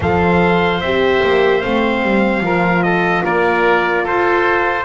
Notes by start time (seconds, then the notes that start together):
0.00 F3 A4 C5 F5
0.80 C4 G4 E5
1.23 A#3
1.61 A3 C4 F5
2.02 G3
2.40 F3 F4 A#4
2.82 A4 D#5
3.23 A#3 A#4 D5
4.03 F4 A4 C5